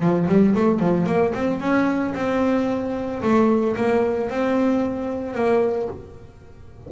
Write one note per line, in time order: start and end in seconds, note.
0.00 0.27 F3
0.27 0.54 G3
0.55 0.79 A3
0.79 1.06 F3
1.06 1.33 A#3
1.34 1.60 C4
1.60 2.14 C#4
2.14 3.21 C4
3.22 3.75 A3
3.76 4.29 A#3
4.30 5.34 C4
5.34 5.88 A#3